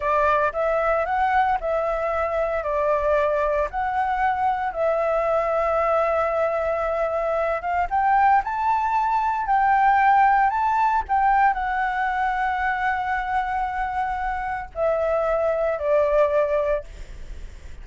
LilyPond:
\new Staff \with { instrumentName = "flute" } { \time 4/4 \tempo 4 = 114 d''4 e''4 fis''4 e''4~ | e''4 d''2 fis''4~ | fis''4 e''2.~ | e''2~ e''8 f''8 g''4 |
a''2 g''2 | a''4 g''4 fis''2~ | fis''1 | e''2 d''2 | }